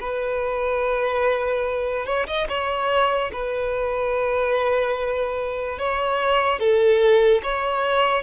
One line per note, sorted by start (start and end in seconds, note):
0.00 2.05 B4
2.05 2.26 C#5
2.26 2.47 D#5
2.48 3.31 C#5
3.32 5.78 B4
5.78 6.59 C#5
6.59 7.41 A4
7.43 8.23 C#5